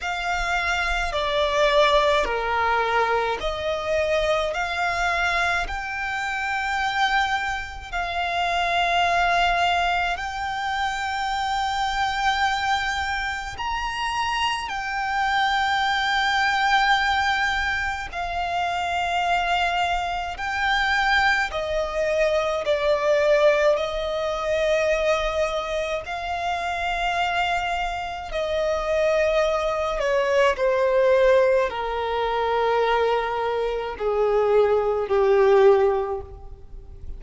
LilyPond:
\new Staff \with { instrumentName = "violin" } { \time 4/4 \tempo 4 = 53 f''4 d''4 ais'4 dis''4 | f''4 g''2 f''4~ | f''4 g''2. | ais''4 g''2. |
f''2 g''4 dis''4 | d''4 dis''2 f''4~ | f''4 dis''4. cis''8 c''4 | ais'2 gis'4 g'4 | }